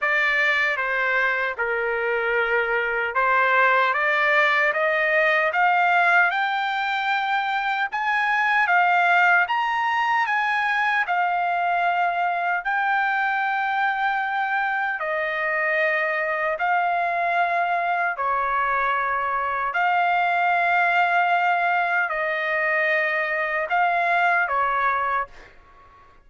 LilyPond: \new Staff \with { instrumentName = "trumpet" } { \time 4/4 \tempo 4 = 76 d''4 c''4 ais'2 | c''4 d''4 dis''4 f''4 | g''2 gis''4 f''4 | ais''4 gis''4 f''2 |
g''2. dis''4~ | dis''4 f''2 cis''4~ | cis''4 f''2. | dis''2 f''4 cis''4 | }